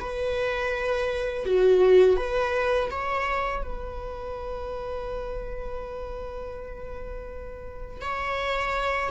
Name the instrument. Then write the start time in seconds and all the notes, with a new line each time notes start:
viola
0.00 B4
1.45 F#4
2.17 B4
2.91 C#5
3.63 B4
8.01 C#5